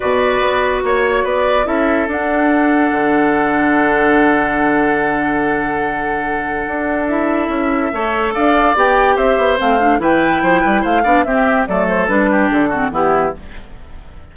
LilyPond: <<
  \new Staff \with { instrumentName = "flute" } { \time 4/4 \tempo 4 = 144 d''2 cis''4 d''4 | e''4 fis''2.~ | fis''1~ | fis''1~ |
fis''4 e''2. | f''4 g''4 e''4 f''4 | g''2 f''4 e''4 | d''8 c''8 b'4 a'4 g'4 | }
  \new Staff \with { instrumentName = "oboe" } { \time 4/4 b'2 cis''4 b'4 | a'1~ | a'1~ | a'1~ |
a'2. cis''4 | d''2 c''2 | b'4 c''8 b'8 c''8 d''8 g'4 | a'4. g'4 fis'8 e'4 | }
  \new Staff \with { instrumentName = "clarinet" } { \time 4/4 fis'1 | e'4 d'2.~ | d'1~ | d'1~ |
d'4 e'2 a'4~ | a'4 g'2 c'8 d'8 | e'2~ e'8 d'8 c'4 | a4 d'4. c'8 b4 | }
  \new Staff \with { instrumentName = "bassoon" } { \time 4/4 b,4 b4 ais4 b4 | cis'4 d'2 d4~ | d1~ | d1 |
d'2 cis'4 a4 | d'4 b4 c'8 b8 a4 | e4 f8 g8 a8 b8 c'4 | fis4 g4 d4 e4 | }
>>